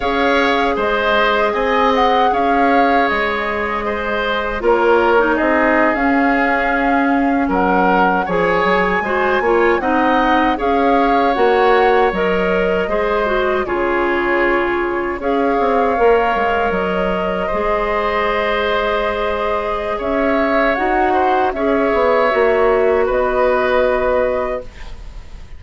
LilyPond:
<<
  \new Staff \with { instrumentName = "flute" } { \time 4/4 \tempo 4 = 78 f''4 dis''4 gis''8 fis''8 f''4 | dis''2 cis''4 dis''8. f''16~ | f''4.~ f''16 fis''4 gis''4~ gis''16~ | gis''8. fis''4 f''4 fis''4 dis''16~ |
dis''4.~ dis''16 cis''2 f''16~ | f''4.~ f''16 dis''2~ dis''16~ | dis''2 e''4 fis''4 | e''2 dis''2 | }
  \new Staff \with { instrumentName = "oboe" } { \time 4/4 cis''4 c''4 dis''4 cis''4~ | cis''4 c''4 ais'4 gis'4~ | gis'4.~ gis'16 ais'4 cis''4 c''16~ | c''16 cis''8 dis''4 cis''2~ cis''16~ |
cis''8. c''4 gis'2 cis''16~ | cis''2~ cis''8. c''4~ c''16~ | c''2 cis''4. c''8 | cis''2 b'2 | }
  \new Staff \with { instrumentName = "clarinet" } { \time 4/4 gis'1~ | gis'2 f'8. dis'4 cis'16~ | cis'2~ cis'8. gis'4 fis'16~ | fis'16 f'8 dis'4 gis'4 fis'4 ais'16~ |
ais'8. gis'8 fis'8 f'2 gis'16~ | gis'8. ais'2 gis'4~ gis'16~ | gis'2. fis'4 | gis'4 fis'2. | }
  \new Staff \with { instrumentName = "bassoon" } { \time 4/4 cis'4 gis4 c'4 cis'4 | gis2 ais4 c'8. cis'16~ | cis'4.~ cis'16 fis4 f8 fis8 gis16~ | gis16 ais8 c'4 cis'4 ais4 fis16~ |
fis8. gis4 cis2 cis'16~ | cis'16 c'8 ais8 gis8 fis4 gis4~ gis16~ | gis2 cis'4 dis'4 | cis'8 b8 ais4 b2 | }
>>